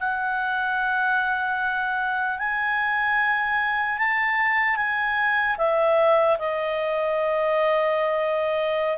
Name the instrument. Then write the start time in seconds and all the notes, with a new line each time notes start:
clarinet
0.00 F#5
2.39 G#5
3.98 A5
4.76 G#5
5.58 E5
6.39 D#5